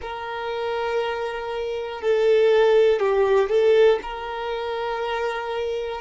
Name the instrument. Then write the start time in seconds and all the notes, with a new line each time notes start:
violin
0.01 A#4
2.01 A4
3.00 G4
3.49 A4
4.02 A#4